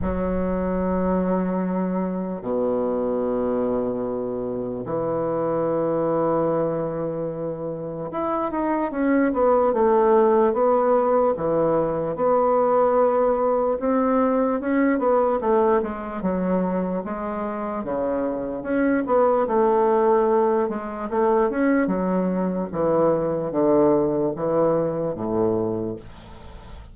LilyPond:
\new Staff \with { instrumentName = "bassoon" } { \time 4/4 \tempo 4 = 74 fis2. b,4~ | b,2 e2~ | e2 e'8 dis'8 cis'8 b8 | a4 b4 e4 b4~ |
b4 c'4 cis'8 b8 a8 gis8 | fis4 gis4 cis4 cis'8 b8 | a4. gis8 a8 cis'8 fis4 | e4 d4 e4 a,4 | }